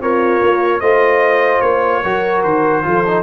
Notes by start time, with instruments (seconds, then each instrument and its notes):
0.00 tuba C4, horn F4, trombone A#4, trumpet C#5
0.42 tuba A#3
0.80 tuba A3, trombone F4, horn C5, trumpet D#5
1.61 tuba A#3, trumpet C#5
2.03 tuba F#3, trombone F#4, horn A#4
2.44 tuba D#3, trumpet C5
2.83 tuba F3, trombone F4, horn A4
3.07 trombone D#4